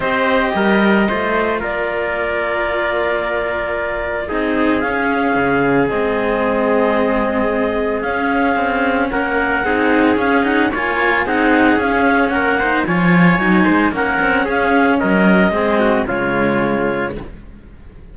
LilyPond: <<
  \new Staff \with { instrumentName = "clarinet" } { \time 4/4 \tempo 4 = 112 dis''2. d''4~ | d''1 | dis''4 f''2 dis''4~ | dis''2. f''4~ |
f''4 fis''2 f''8 fis''8 | gis''4 fis''4 f''4 fis''4 | gis''2 fis''4 f''4 | dis''2 cis''2 | }
  \new Staff \with { instrumentName = "trumpet" } { \time 4/4 c''4 ais'4 c''4 ais'4~ | ais'1 | gis'1~ | gis'1~ |
gis'4 ais'4 gis'2 | cis''4 gis'2 ais'8 c''8 | cis''4. c''8 ais'4 gis'4 | ais'4 gis'8 fis'8 f'2 | }
  \new Staff \with { instrumentName = "cello" } { \time 4/4 g'2 f'2~ | f'1 | dis'4 cis'2 c'4~ | c'2. cis'4~ |
cis'2 dis'4 cis'8 dis'8 | f'4 dis'4 cis'4. dis'8 | f'4 dis'4 cis'2~ | cis'4 c'4 gis2 | }
  \new Staff \with { instrumentName = "cello" } { \time 4/4 c'4 g4 a4 ais4~ | ais1 | c'4 cis'4 cis4 gis4~ | gis2. cis'4 |
c'4 ais4 c'4 cis'4 | ais4 c'4 cis'4 ais4 | f4 fis8 gis8 ais8 c'8 cis'4 | fis4 gis4 cis2 | }
>>